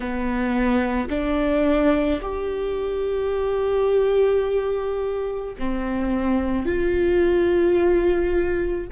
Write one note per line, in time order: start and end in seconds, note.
0.00 1.09 B3
1.09 2.20 D4
2.21 5.55 G4
5.59 6.65 C4
6.65 8.87 F4